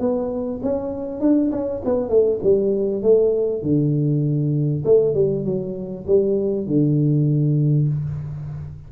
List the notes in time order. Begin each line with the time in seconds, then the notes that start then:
0.00 B3
0.63 C#4
1.21 D4
1.52 C#4
1.85 B3
2.09 A3
2.43 G3
3.02 A3
3.62 D3
4.85 A3
5.15 G3
5.45 F#3
6.07 G3
6.67 D3